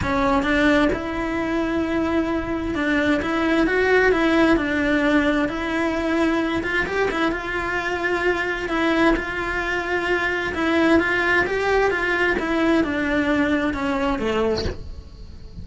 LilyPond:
\new Staff \with { instrumentName = "cello" } { \time 4/4 \tempo 4 = 131 cis'4 d'4 e'2~ | e'2 d'4 e'4 | fis'4 e'4 d'2 | e'2~ e'8 f'8 g'8 e'8 |
f'2. e'4 | f'2. e'4 | f'4 g'4 f'4 e'4 | d'2 cis'4 a4 | }